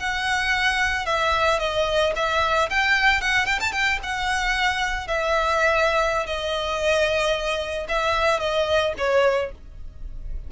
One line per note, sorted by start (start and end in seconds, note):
0.00 1.06 F#5
1.06 1.60 E5
1.60 2.14 D#5
2.16 2.70 E5
2.70 3.21 G5
3.21 3.46 F#5
3.46 3.60 G5
3.61 3.73 A5
3.73 4.00 G5
4.03 5.08 F#5
5.08 6.27 E5
6.27 7.87 D#5
7.89 8.40 E5
8.40 8.94 D#5
8.98 9.52 C#5